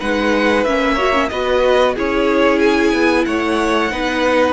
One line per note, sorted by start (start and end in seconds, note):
0.00 0.66 G#3
0.00 0.67 D#4
0.00 0.94 B4
0.00 0.65 F#5
0.65 1.31 A#3
0.65 0.99 C#4
0.65 1.29 E5
0.94 1.13 F#4
0.94 1.27 C#5
1.13 1.30 C#4
1.29 1.97 B3
1.29 1.97 F#4
1.29 1.95 B4
1.29 1.94 D#5
1.95 2.93 C#4
1.95 3.91 E4
1.95 3.26 G#4
1.95 2.60 C#5
2.60 3.25 G#5
2.93 3.26 B3
3.26 3.92 A3
3.26 3.92 C#5
3.26 4.54 F#5
3.91 4.54 B3
3.91 4.54 D#4
3.91 4.54 B4